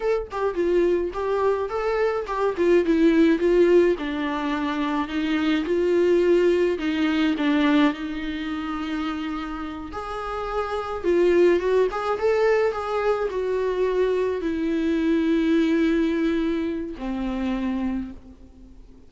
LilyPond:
\new Staff \with { instrumentName = "viola" } { \time 4/4 \tempo 4 = 106 a'8 g'8 f'4 g'4 a'4 | g'8 f'8 e'4 f'4 d'4~ | d'4 dis'4 f'2 | dis'4 d'4 dis'2~ |
dis'4. gis'2 f'8~ | f'8 fis'8 gis'8 a'4 gis'4 fis'8~ | fis'4. e'2~ e'8~ | e'2 c'2 | }